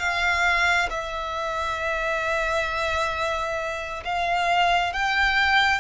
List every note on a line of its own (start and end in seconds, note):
0.00 0.90 F5
0.90 4.04 E5
4.05 4.94 F5
4.94 5.81 G5